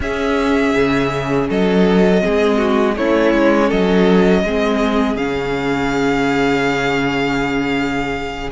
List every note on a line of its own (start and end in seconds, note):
0.00 0.73 C#4
0.00 2.19 C#4
0.00 1.48 G#4
0.00 1.49 E5
0.74 1.48 C#3
1.48 2.24 F#3
1.48 2.22 A4
1.48 2.97 D#5
2.19 2.93 C4
2.19 2.58 G#4
2.25 2.97 G#3
2.58 2.95 F#4
2.97 3.34 A3
2.97 4.46 C#4
2.97 3.67 E4
2.97 3.70 C#5
3.34 3.71 G#3
3.67 4.43 F#3
3.67 4.41 A4
3.67 5.16 D#5
4.43 5.15 G#3
4.43 5.17 C4
4.43 8.51 G#4
5.15 8.49 C#3
5.15 8.51 C#4
5.15 8.50 F5